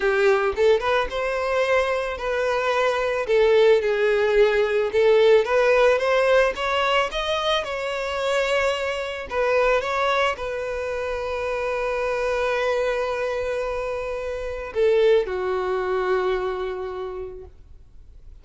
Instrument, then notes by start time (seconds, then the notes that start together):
violin
0.00 G4
0.56 A4
0.80 B4
1.09 C5
2.17 B4
3.27 A4
3.81 G#4
4.92 A4
5.44 B4
5.98 C5
6.55 C#5
7.11 D#5
7.64 C#5
9.30 B4
9.81 C#5
10.37 B4
14.73 A4
15.26 F#4